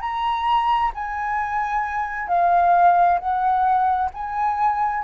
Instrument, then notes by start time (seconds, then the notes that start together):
flute
0.00 A#5
0.94 G#5
2.27 F5
3.19 F#5
4.13 G#5